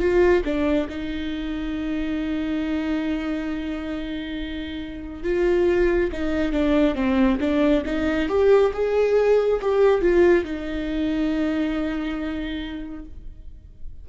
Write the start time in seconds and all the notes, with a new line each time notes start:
0.00 F4
0.45 D4
0.89 D#4
5.24 F4
6.13 D#4
6.53 D4
6.95 C4
7.41 D4
7.86 D#4
8.29 G4
8.74 G#4
9.62 G4
10.02 F4
10.45 D#4